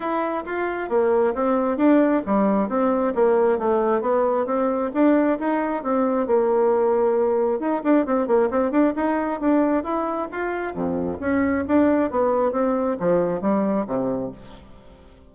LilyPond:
\new Staff \with { instrumentName = "bassoon" } { \time 4/4 \tempo 4 = 134 e'4 f'4 ais4 c'4 | d'4 g4 c'4 ais4 | a4 b4 c'4 d'4 | dis'4 c'4 ais2~ |
ais4 dis'8 d'8 c'8 ais8 c'8 d'8 | dis'4 d'4 e'4 f'4 | f,4 cis'4 d'4 b4 | c'4 f4 g4 c4 | }